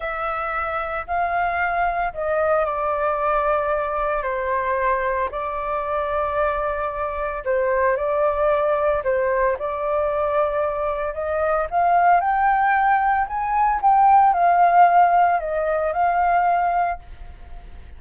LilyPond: \new Staff \with { instrumentName = "flute" } { \time 4/4 \tempo 4 = 113 e''2 f''2 | dis''4 d''2. | c''2 d''2~ | d''2 c''4 d''4~ |
d''4 c''4 d''2~ | d''4 dis''4 f''4 g''4~ | g''4 gis''4 g''4 f''4~ | f''4 dis''4 f''2 | }